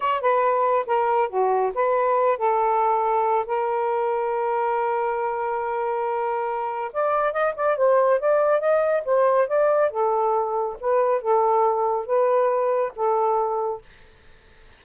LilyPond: \new Staff \with { instrumentName = "saxophone" } { \time 4/4 \tempo 4 = 139 cis''8 b'4. ais'4 fis'4 | b'4. a'2~ a'8 | ais'1~ | ais'1 |
d''4 dis''8 d''8 c''4 d''4 | dis''4 c''4 d''4 a'4~ | a'4 b'4 a'2 | b'2 a'2 | }